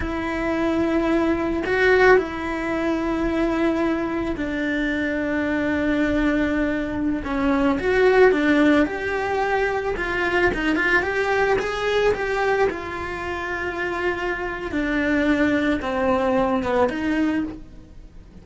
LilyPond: \new Staff \with { instrumentName = "cello" } { \time 4/4 \tempo 4 = 110 e'2. fis'4 | e'1 | d'1~ | d'4~ d'16 cis'4 fis'4 d'8.~ |
d'16 g'2 f'4 dis'8 f'16~ | f'16 g'4 gis'4 g'4 f'8.~ | f'2. d'4~ | d'4 c'4. b8 dis'4 | }